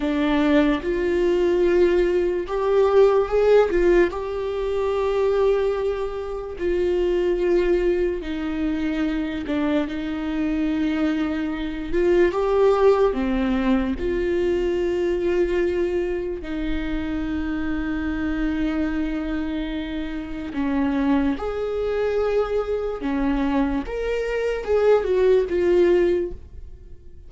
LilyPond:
\new Staff \with { instrumentName = "viola" } { \time 4/4 \tempo 4 = 73 d'4 f'2 g'4 | gis'8 f'8 g'2. | f'2 dis'4. d'8 | dis'2~ dis'8 f'8 g'4 |
c'4 f'2. | dis'1~ | dis'4 cis'4 gis'2 | cis'4 ais'4 gis'8 fis'8 f'4 | }